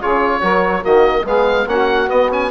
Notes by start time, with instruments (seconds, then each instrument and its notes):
0.00 bassoon C#3, trombone F4, saxophone G#4, oboe C#5
0.41 bassoon F#3, trombone F#4, saxophone A#4
0.81 bassoon D#3, trombone A#3, saxophone F#4, oboe D#5
1.24 bassoon G#3, trombone B3, saxophone G#4, oboe F5
1.66 bassoon A#3, trombone C#4, saxophone F#4, oboe F#5
2.07 trombone B3, bassoon B3, oboe D#5
2.30 trombone C#4, oboe G#5